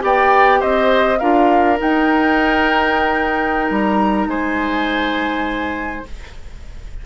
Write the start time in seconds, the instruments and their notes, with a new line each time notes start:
0.00 bassoon B3, clarinet G4, oboe D5, flute G5
0.60 bassoon C4, oboe C5, flute D#5
1.19 bassoon D4, clarinet F4, oboe A#4, flute F5
1.77 clarinet D#4, bassoon D#4, flute G5
3.71 bassoon G3, flute A#5
4.27 bassoon G#3, oboe C5, flute G#5